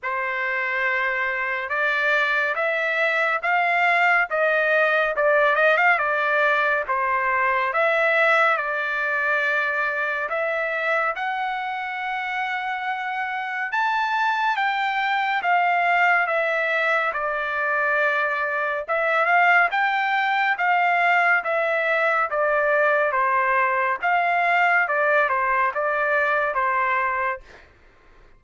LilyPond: \new Staff \with { instrumentName = "trumpet" } { \time 4/4 \tempo 4 = 70 c''2 d''4 e''4 | f''4 dis''4 d''8 dis''16 f''16 d''4 | c''4 e''4 d''2 | e''4 fis''2. |
a''4 g''4 f''4 e''4 | d''2 e''8 f''8 g''4 | f''4 e''4 d''4 c''4 | f''4 d''8 c''8 d''4 c''4 | }